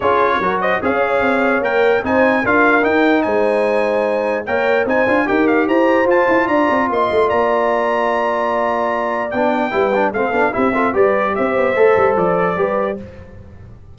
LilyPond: <<
  \new Staff \with { instrumentName = "trumpet" } { \time 4/4 \tempo 4 = 148 cis''4. dis''8 f''2 | g''4 gis''4 f''4 g''4 | gis''2. g''4 | gis''4 g''8 f''8 ais''4 a''4 |
ais''4 c'''4 ais''2~ | ais''2. g''4~ | g''4 f''4 e''4 d''4 | e''2 d''2 | }
  \new Staff \with { instrumentName = "horn" } { \time 4/4 gis'4 ais'8 c''8 cis''2~ | cis''4 c''4 ais'2 | c''2. cis''4 | c''4 ais'4 c''2 |
d''4 dis''4 d''2~ | d''1 | b'4 a'4 g'8 a'8 b'4 | c''2. b'4 | }
  \new Staff \with { instrumentName = "trombone" } { \time 4/4 f'4 fis'4 gis'2 | ais'4 dis'4 f'4 dis'4~ | dis'2. ais'4 | dis'8 f'8 g'2 f'4~ |
f'1~ | f'2. d'4 | e'8 d'8 c'8 d'8 e'8 f'8 g'4~ | g'4 a'2 g'4 | }
  \new Staff \with { instrumentName = "tuba" } { \time 4/4 cis'4 fis4 cis'4 c'4 | ais4 c'4 d'4 dis'4 | gis2. ais4 | c'8 d'8 dis'4 e'4 f'8 e'8 |
d'8 c'8 ais8 a8 ais2~ | ais2. b4 | g4 a8 b8 c'4 g4 | c'8 b8 a8 g8 f4 g4 | }
>>